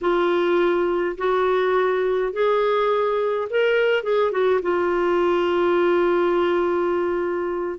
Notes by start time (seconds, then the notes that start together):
0.01 F4
1.17 F#4
2.32 G#4
3.50 A#4
4.03 G#4
4.31 F#4
4.62 F4